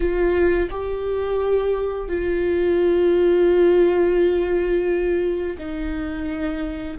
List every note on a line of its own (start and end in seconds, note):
0.00 0.68 F4
0.70 2.08 G4
2.08 5.57 F4
5.58 6.97 D#4